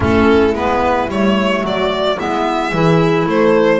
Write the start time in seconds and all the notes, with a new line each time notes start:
0.00 A3 C#4 E4 A4
0.52 G#3 B3 B4
1.07 G3 A3 C#5
1.63 F#3 F#4 D5
2.18 G#3 B3 E4 E5
2.72 E3 E4 G#4
3.26 A3 A4 C5